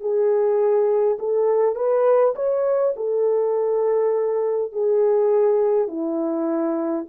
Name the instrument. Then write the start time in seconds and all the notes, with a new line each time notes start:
horn
0.00 G#4
1.19 A4
1.75 B4
2.35 C#5
2.96 A4
4.72 G#4
5.88 E4